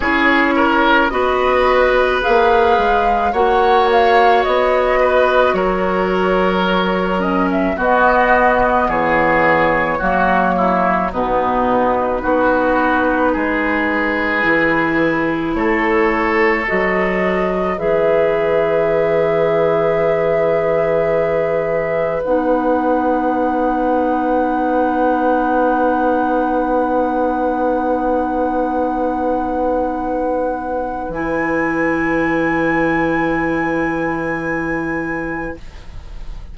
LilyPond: <<
  \new Staff \with { instrumentName = "flute" } { \time 4/4 \tempo 4 = 54 cis''4 dis''4 f''4 fis''8 f''8 | dis''4 cis''4. dis''16 e''16 dis''4 | cis''2 b'2~ | b'2 cis''4 dis''4 |
e''1 | fis''1~ | fis''1 | gis''1 | }
  \new Staff \with { instrumentName = "oboe" } { \time 4/4 gis'8 ais'8 b'2 cis''4~ | cis''8 b'8 ais'2 fis'4 | gis'4 fis'8 e'8 dis'4 fis'4 | gis'2 a'2 |
b'1~ | b'1~ | b'1~ | b'1 | }
  \new Staff \with { instrumentName = "clarinet" } { \time 4/4 e'4 fis'4 gis'4 fis'4~ | fis'2~ fis'8 cis'8 b4~ | b4 ais4 b4 dis'4~ | dis'4 e'2 fis'4 |
gis'1 | dis'1~ | dis'1 | e'1 | }
  \new Staff \with { instrumentName = "bassoon" } { \time 4/4 cis'4 b4 ais8 gis8 ais4 | b4 fis2 b4 | e4 fis4 b,4 b4 | gis4 e4 a4 fis4 |
e1 | b1~ | b1 | e1 | }
>>